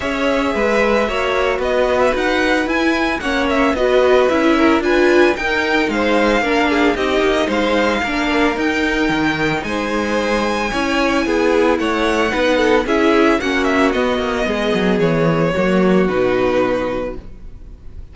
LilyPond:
<<
  \new Staff \with { instrumentName = "violin" } { \time 4/4 \tempo 4 = 112 e''2. dis''8. e''16 | fis''4 gis''4 fis''8 e''8 dis''4 | e''4 gis''4 g''4 f''4~ | f''4 dis''4 f''2 |
g''2 gis''2~ | gis''2 fis''2 | e''4 fis''8 e''8 dis''2 | cis''2 b'2 | }
  \new Staff \with { instrumentName = "violin" } { \time 4/4 cis''4 b'4 cis''4 b'4~ | b'2 cis''4 b'4~ | b'8 ais'8 b'4 ais'4 c''4 | ais'8 gis'8 g'4 c''4 ais'4~ |
ais'2 c''2 | cis''4 gis'4 cis''4 b'8 a'8 | gis'4 fis'2 gis'4~ | gis'4 fis'2. | }
  \new Staff \with { instrumentName = "viola" } { \time 4/4 gis'2 fis'2~ | fis'4 e'4 cis'4 fis'4 | e'4 f'4 dis'2 | d'4 dis'2 d'4 |
dis'1 | e'2. dis'4 | e'4 cis'4 b2~ | b4 ais4 dis'2 | }
  \new Staff \with { instrumentName = "cello" } { \time 4/4 cis'4 gis4 ais4 b4 | dis'4 e'4 ais4 b4 | cis'4 d'4 dis'4 gis4 | ais4 c'8 ais8 gis4 ais4 |
dis'4 dis4 gis2 | cis'4 b4 a4 b4 | cis'4 ais4 b8 ais8 gis8 fis8 | e4 fis4 b,2 | }
>>